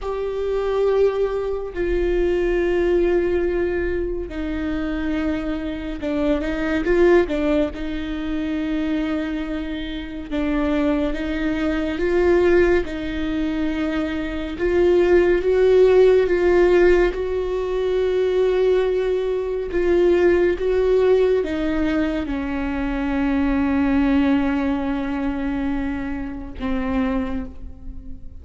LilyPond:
\new Staff \with { instrumentName = "viola" } { \time 4/4 \tempo 4 = 70 g'2 f'2~ | f'4 dis'2 d'8 dis'8 | f'8 d'8 dis'2. | d'4 dis'4 f'4 dis'4~ |
dis'4 f'4 fis'4 f'4 | fis'2. f'4 | fis'4 dis'4 cis'2~ | cis'2. c'4 | }